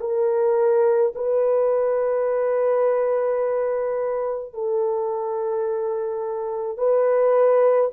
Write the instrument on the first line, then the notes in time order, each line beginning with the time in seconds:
horn
0.00 A#4
1.15 B4
4.53 A4
6.77 B4